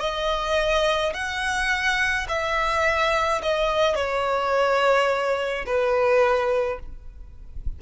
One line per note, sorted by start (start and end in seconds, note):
0.00 1.13 D#5
1.14 2.27 F#5
2.29 3.42 E5
3.42 3.96 D#5
3.96 5.66 C#5
5.66 6.79 B4